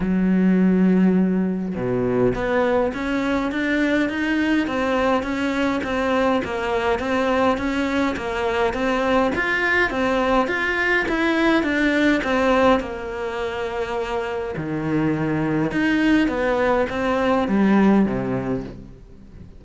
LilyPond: \new Staff \with { instrumentName = "cello" } { \time 4/4 \tempo 4 = 103 fis2. b,4 | b4 cis'4 d'4 dis'4 | c'4 cis'4 c'4 ais4 | c'4 cis'4 ais4 c'4 |
f'4 c'4 f'4 e'4 | d'4 c'4 ais2~ | ais4 dis2 dis'4 | b4 c'4 g4 c4 | }